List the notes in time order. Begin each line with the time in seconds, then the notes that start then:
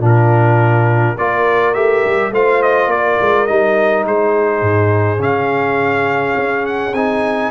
0.00 A#2 D4 F4 A#4
1.18 A#3 F4 A#4 D5
1.75 A3 G4 E5
2.05 G3
2.31 A3 F4 C5 F5
2.63 D#5
2.87 A#3 D5
2.94 A#4
3.21 G#3
3.47 G3 D#4 D#5
4.05 G#3 G#4 C5
4.62 G#2
5.18 C#3 C#4 F5
6.37 C#4
6.66 F#5
6.93 C4 D#4 G#5